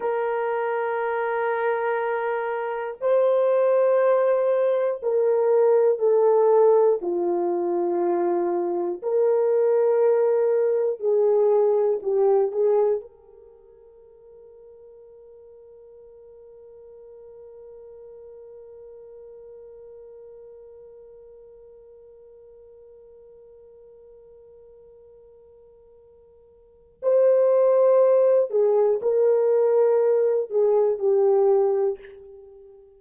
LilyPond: \new Staff \with { instrumentName = "horn" } { \time 4/4 \tempo 4 = 60 ais'2. c''4~ | c''4 ais'4 a'4 f'4~ | f'4 ais'2 gis'4 | g'8 gis'8 ais'2.~ |
ais'1~ | ais'1~ | ais'2. c''4~ | c''8 gis'8 ais'4. gis'8 g'4 | }